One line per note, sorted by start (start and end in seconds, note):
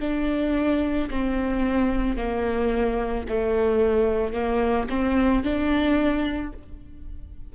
0.00 1.09 D4
1.10 2.17 C4
2.17 3.26 A#3
3.28 4.33 A3
4.33 4.87 A#3
4.89 5.43 C4
5.43 6.53 D4